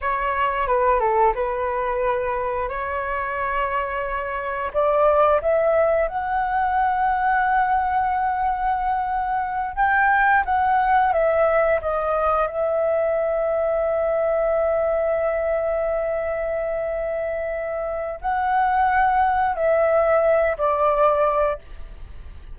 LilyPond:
\new Staff \with { instrumentName = "flute" } { \time 4/4 \tempo 4 = 89 cis''4 b'8 a'8 b'2 | cis''2. d''4 | e''4 fis''2.~ | fis''2~ fis''8 g''4 fis''8~ |
fis''8 e''4 dis''4 e''4.~ | e''1~ | e''2. fis''4~ | fis''4 e''4. d''4. | }